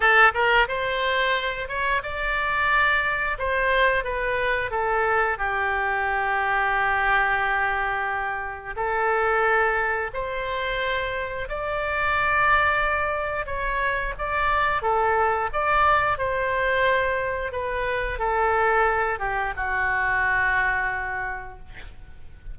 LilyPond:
\new Staff \with { instrumentName = "oboe" } { \time 4/4 \tempo 4 = 89 a'8 ais'8 c''4. cis''8 d''4~ | d''4 c''4 b'4 a'4 | g'1~ | g'4 a'2 c''4~ |
c''4 d''2. | cis''4 d''4 a'4 d''4 | c''2 b'4 a'4~ | a'8 g'8 fis'2. | }